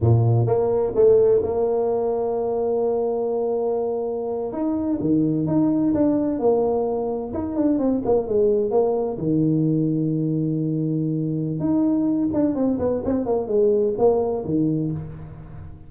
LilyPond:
\new Staff \with { instrumentName = "tuba" } { \time 4/4 \tempo 4 = 129 ais,4 ais4 a4 ais4~ | ais1~ | ais4.~ ais16 dis'4 dis4 dis'16~ | dis'8. d'4 ais2 dis'16~ |
dis'16 d'8 c'8 ais8 gis4 ais4 dis16~ | dis1~ | dis4 dis'4. d'8 c'8 b8 | c'8 ais8 gis4 ais4 dis4 | }